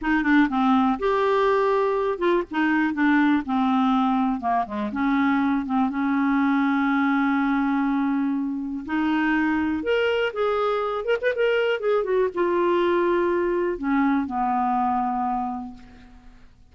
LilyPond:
\new Staff \with { instrumentName = "clarinet" } { \time 4/4 \tempo 4 = 122 dis'8 d'8 c'4 g'2~ | g'8 f'8 dis'4 d'4 c'4~ | c'4 ais8 gis8 cis'4. c'8 | cis'1~ |
cis'2 dis'2 | ais'4 gis'4. ais'16 b'16 ais'4 | gis'8 fis'8 f'2. | cis'4 b2. | }